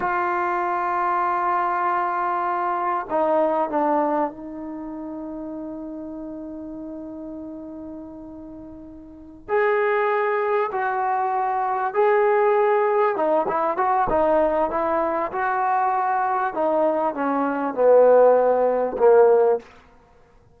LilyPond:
\new Staff \with { instrumentName = "trombone" } { \time 4/4 \tempo 4 = 98 f'1~ | f'4 dis'4 d'4 dis'4~ | dis'1~ | dis'2.~ dis'8 gis'8~ |
gis'4. fis'2 gis'8~ | gis'4. dis'8 e'8 fis'8 dis'4 | e'4 fis'2 dis'4 | cis'4 b2 ais4 | }